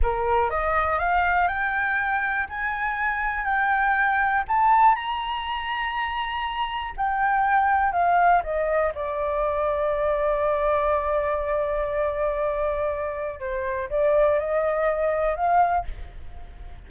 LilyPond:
\new Staff \with { instrumentName = "flute" } { \time 4/4 \tempo 4 = 121 ais'4 dis''4 f''4 g''4~ | g''4 gis''2 g''4~ | g''4 a''4 ais''2~ | ais''2 g''2 |
f''4 dis''4 d''2~ | d''1~ | d''2. c''4 | d''4 dis''2 f''4 | }